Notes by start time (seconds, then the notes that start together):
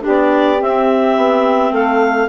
0.00 D4 G4
0.07 B3 D5
0.58 C4 E5
1.16 B3
1.71 A3 A4 F5